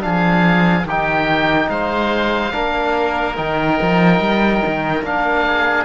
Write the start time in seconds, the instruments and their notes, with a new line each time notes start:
0.00 cello F3, trombone D4, oboe G#4 F5
0.84 cello D#3, trombone D#4, oboe G4 G5
1.69 cello G#3, oboe C5 F5
2.51 cello A#3, trombone D4, oboe A#4
3.36 cello D#3, trombone D#4, oboe G5
3.81 cello F3
4.19 cello G3
4.66 cello D#3
5.02 cello A#3, trombone D4, oboe F5
5.47 oboe G#4